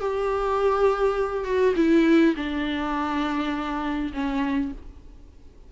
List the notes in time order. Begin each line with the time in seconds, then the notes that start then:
0.00 G4
1.44 F#4
1.76 E4
2.36 D4
4.13 C#4